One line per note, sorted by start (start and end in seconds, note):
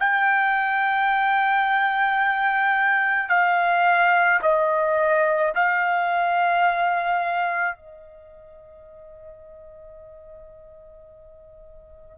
0.00 3.29 G5
3.29 4.40 F5
4.42 5.54 D#5
5.56 7.77 F5
7.77 12.18 D#5